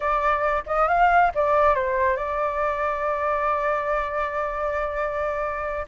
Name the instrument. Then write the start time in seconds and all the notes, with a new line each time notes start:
flute
0.00 D5
0.66 D#5
0.88 F5
1.34 D5
1.74 C5
2.16 D5